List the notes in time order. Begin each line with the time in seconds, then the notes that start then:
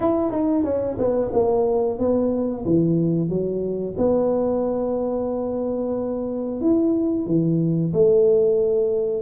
0.00 E4
0.31 D#4
0.64 C#4
0.98 B3
1.33 A#3
1.98 B3
2.65 E3
3.29 F#3
3.97 B3
6.61 E4
7.26 E3
7.93 A3